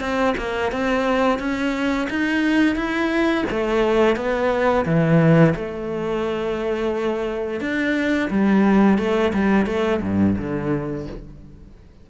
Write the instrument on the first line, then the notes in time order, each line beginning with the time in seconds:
cello
0.00 C4
0.37 A#3
0.72 C4
1.39 C#4
2.10 D#4
2.76 E4
3.50 A3
4.16 B3
4.85 E3
5.55 A3
7.61 D4
8.30 G3
8.98 A3
9.34 G3
9.66 A3
10.02 G2
10.38 D3